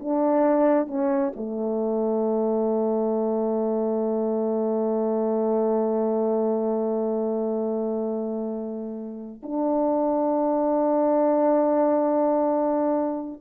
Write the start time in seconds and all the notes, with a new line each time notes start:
0.00 D4
0.88 C#4
1.36 A3
9.43 D4